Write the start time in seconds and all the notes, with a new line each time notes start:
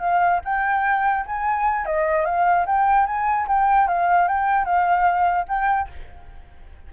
0.00 F5
0.45 G5
1.26 G#5
1.86 D#5
2.25 F5
2.66 G5
3.06 G#5
3.48 G5
3.88 F5
4.28 G5
4.65 F5
5.48 G5